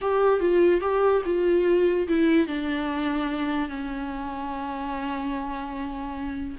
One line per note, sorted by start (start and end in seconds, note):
0.01 0.39 G4
0.39 0.80 F4
0.80 1.21 G4
1.25 2.07 F4
2.08 2.47 E4
2.47 3.69 D4
3.69 6.56 C#4